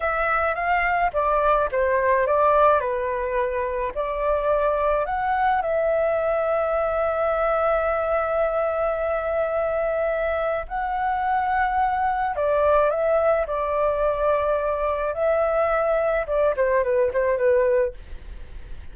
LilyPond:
\new Staff \with { instrumentName = "flute" } { \time 4/4 \tempo 4 = 107 e''4 f''4 d''4 c''4 | d''4 b'2 d''4~ | d''4 fis''4 e''2~ | e''1~ |
e''2. fis''4~ | fis''2 d''4 e''4 | d''2. e''4~ | e''4 d''8 c''8 b'8 c''8 b'4 | }